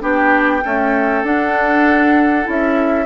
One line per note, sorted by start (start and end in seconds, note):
0.00 0.62 B3
0.00 0.61 D4
0.00 0.63 G4
0.00 1.25 G5
0.64 1.24 A3
0.64 1.23 C#4
0.64 3.06 A4
1.23 2.46 D4
1.23 2.43 D4
1.23 2.48 F#5
2.43 3.06 C#4
2.43 3.05 E4
2.50 3.06 E5